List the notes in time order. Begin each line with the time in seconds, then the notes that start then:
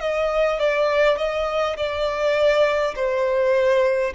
0.00 D#5
0.59 D5
1.18 D#5
1.77 D5
2.95 C5